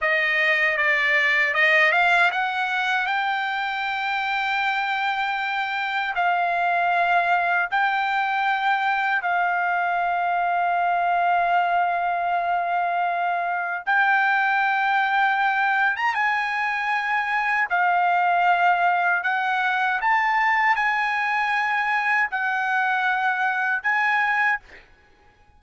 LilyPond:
\new Staff \with { instrumentName = "trumpet" } { \time 4/4 \tempo 4 = 78 dis''4 d''4 dis''8 f''8 fis''4 | g''1 | f''2 g''2 | f''1~ |
f''2 g''2~ | g''8. ais''16 gis''2 f''4~ | f''4 fis''4 a''4 gis''4~ | gis''4 fis''2 gis''4 | }